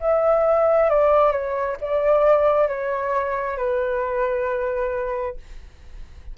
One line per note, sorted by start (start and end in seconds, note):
0.00 0.90 E5
0.90 1.31 D5
1.31 1.76 C#5
1.81 2.68 D5
2.68 3.57 C#5
3.57 5.36 B4